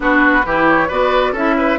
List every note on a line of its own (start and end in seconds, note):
0.00 0.44 B3
0.00 0.42 D4
0.00 0.45 F#4
0.00 0.68 B4
0.45 0.90 E3
0.45 0.89 E4
0.45 0.88 G4
0.68 0.90 C#5
0.88 1.32 B3
0.88 1.34 F#4
0.88 1.32 B4
0.88 1.34 D5
1.32 1.77 C#4
1.32 1.79 E4
1.32 1.55 A4
1.32 1.79 E5
1.57 1.79 B4